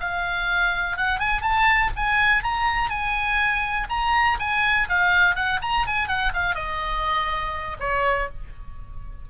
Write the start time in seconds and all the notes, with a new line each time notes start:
0.00 F5
0.97 F#5
1.19 G#5
1.41 A5
1.96 G#5
2.43 A#5
2.89 G#5
3.89 A#5
4.39 G#5
4.89 F5
5.35 F#5
5.62 A#5
5.86 G#5
6.07 F#5
6.34 F5
6.55 D#5
7.79 C#5